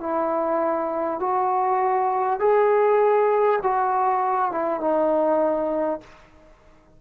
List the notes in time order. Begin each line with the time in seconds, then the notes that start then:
0.00 E4
1.19 F#4
2.39 G#4
3.62 F#4
4.51 E4
4.80 D#4